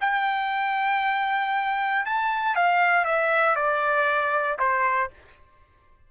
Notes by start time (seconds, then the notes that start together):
0.00 G5
2.06 A5
2.55 F5
3.05 E5
3.55 D5
4.59 C5